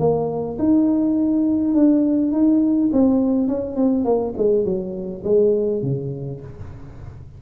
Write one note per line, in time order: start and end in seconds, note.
0.00 0.58 A#3
0.59 1.75 D#4
1.75 2.32 D4
2.32 2.91 D#4
2.93 3.48 C4
3.48 3.76 C#4
3.76 4.05 C4
4.05 4.34 A#3
4.38 4.65 G#3
4.65 5.23 F#3
5.25 5.83 G#3
5.83 6.41 C#3